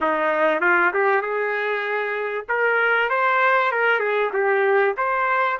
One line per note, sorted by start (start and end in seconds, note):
0.00 0.60 D#4
0.60 0.91 F4
0.93 1.21 G4
1.21 2.45 G#4
2.49 3.09 A#4
3.09 3.71 C5
3.71 3.99 A#4
3.99 4.30 G#4
4.33 4.95 G4
4.97 5.58 C5